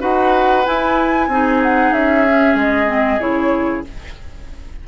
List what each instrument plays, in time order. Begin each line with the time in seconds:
0.00 bassoon D#4, clarinet F#4, oboe B4, flute F#5
0.66 clarinet E4, bassoon E4, flute G#5
1.28 bassoon C4, clarinet D#4, oboe G#4
1.63 flute F#5
1.92 bassoon C#4, flute E5
2.28 clarinet C#4
2.55 bassoon G#3, flute D#5
2.87 clarinet C4
3.20 bassoon C#3, clarinet E4, flute C#5